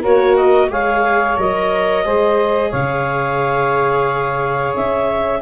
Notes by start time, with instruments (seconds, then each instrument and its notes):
0.00 tuba A#3, viola F#4, saxophone A#4, clarinet C#5
0.36 clarinet D#5
0.69 tuba G#3, viola G#4, saxophone C#5, clarinet F5
1.37 tuba F#3, viola A#4, clarinet D#5
2.05 tuba G#3, viola G#4, saxophone C5
2.69 tuba C#3, saxophone C#5, clarinet F5
4.76 tuba C#4, clarinet E5